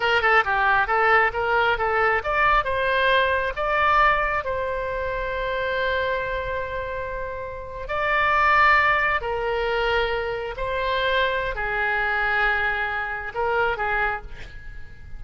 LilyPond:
\new Staff \with { instrumentName = "oboe" } { \time 4/4 \tempo 4 = 135 ais'8 a'8 g'4 a'4 ais'4 | a'4 d''4 c''2 | d''2 c''2~ | c''1~ |
c''4.~ c''16 d''2~ d''16~ | d''8. ais'2. c''16~ | c''2 gis'2~ | gis'2 ais'4 gis'4 | }